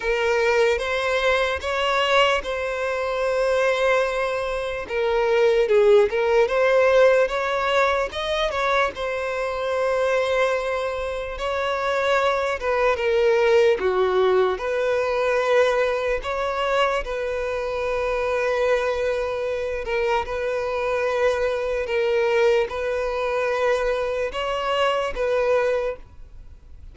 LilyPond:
\new Staff \with { instrumentName = "violin" } { \time 4/4 \tempo 4 = 74 ais'4 c''4 cis''4 c''4~ | c''2 ais'4 gis'8 ais'8 | c''4 cis''4 dis''8 cis''8 c''4~ | c''2 cis''4. b'8 |
ais'4 fis'4 b'2 | cis''4 b'2.~ | b'8 ais'8 b'2 ais'4 | b'2 cis''4 b'4 | }